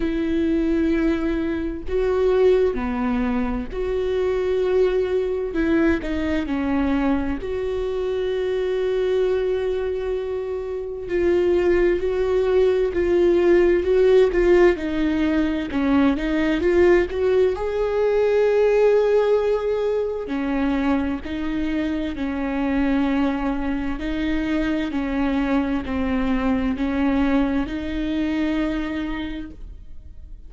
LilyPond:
\new Staff \with { instrumentName = "viola" } { \time 4/4 \tempo 4 = 65 e'2 fis'4 b4 | fis'2 e'8 dis'8 cis'4 | fis'1 | f'4 fis'4 f'4 fis'8 f'8 |
dis'4 cis'8 dis'8 f'8 fis'8 gis'4~ | gis'2 cis'4 dis'4 | cis'2 dis'4 cis'4 | c'4 cis'4 dis'2 | }